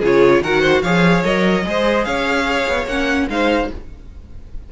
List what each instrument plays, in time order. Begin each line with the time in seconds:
0.00 cello C#3, viola F4, violin G#4 C#5
0.42 cello D#3, viola F#4, violin A#4 F#5
0.61 violin C5
0.83 cello F3, viola G#4, violin C#5 F5
1.25 cello F#3, viola A#4, violin D#5
1.64 cello G#3, viola G#4, violin C5
2.05 cello C#4, violin C#5 F5
2.68 cello B3
2.86 cello A#3, viola C#4, violin F#5
3.29 cello G#3, viola D#4, violin C5 F5